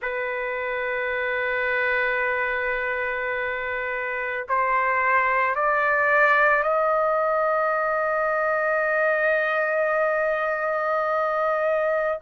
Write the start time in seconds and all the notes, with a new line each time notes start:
0.02 B4
4.48 C5
5.55 D5
6.63 D#5